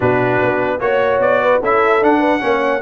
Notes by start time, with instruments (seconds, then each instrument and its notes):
0.00 tuba B2, trombone D4, horn F#4, trumpet B4
0.41 tuba B3
0.79 tuba A#3, trombone F#4, trumpet C#5, horn C#5
1.18 tuba B3, trumpet D5
1.42 horn B4
1.61 tuba C#4, trombone E4, horn A4, trumpet E5
2.01 tuba D4, trombone D4, trumpet F#5
2.19 horn B4
2.40 tuba A#3, trombone C#4, horn C#5